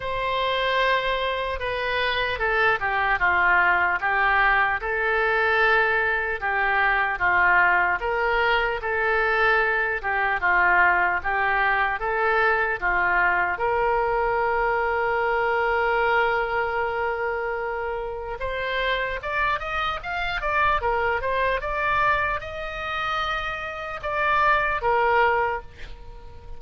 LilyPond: \new Staff \with { instrumentName = "oboe" } { \time 4/4 \tempo 4 = 75 c''2 b'4 a'8 g'8 | f'4 g'4 a'2 | g'4 f'4 ais'4 a'4~ | a'8 g'8 f'4 g'4 a'4 |
f'4 ais'2.~ | ais'2. c''4 | d''8 dis''8 f''8 d''8 ais'8 c''8 d''4 | dis''2 d''4 ais'4 | }